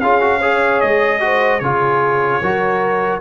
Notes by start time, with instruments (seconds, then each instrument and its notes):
0.00 tuba C#4, trombone F4, horn G#4, trumpet F5
0.20 trombone F#4
0.38 trombone G#4, horn C#5
0.80 tuba G#3, trumpet D#5
1.20 trombone F#4, horn C5
1.59 tuba C#3, trombone F4, horn G#4, trumpet C#5
2.41 tuba F#3, trombone F#4, horn A#4